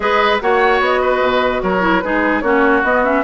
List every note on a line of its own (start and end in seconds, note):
0.00 0.40 G#3
0.00 0.40 G#4
0.00 0.42 B4
0.00 0.39 D#5
0.41 0.80 A#3
0.41 1.80 F#4
0.41 1.01 C#5
0.41 0.81 F#5
0.80 1.21 B3
0.80 1.62 D#5
1.01 1.62 B4
1.21 1.62 B2
1.62 2.03 F#3
1.62 2.03 A#4
1.62 2.00 C#5
1.80 2.01 E4
2.00 2.42 G#3
2.00 2.42 D#4
2.00 2.43 G#4
2.00 2.40 B4
2.41 2.82 A#3
2.41 2.83 C#4
2.41 3.23 F#4
2.41 2.81 C#5
2.83 3.23 B3
2.83 3.04 B3
2.83 3.04 D#5
3.04 3.23 C#4
3.04 3.23 E5